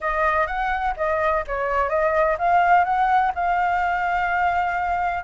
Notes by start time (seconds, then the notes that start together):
0.00 D#5
0.47 F#5
0.97 D#5
1.47 C#5
1.89 D#5
2.38 F5
2.84 F#5
3.34 F5